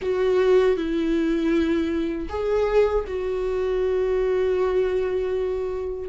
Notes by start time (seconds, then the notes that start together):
0.01 F#4
0.76 E4
2.29 G#4
3.07 F#4